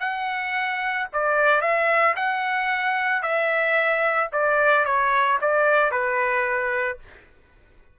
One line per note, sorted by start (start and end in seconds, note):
0.00 1.07 F#5
1.12 1.61 D5
1.61 2.15 E5
2.16 3.22 F#5
3.22 4.30 E5
4.32 4.85 D5
4.85 5.39 C#5
5.41 5.91 D5
5.91 6.98 B4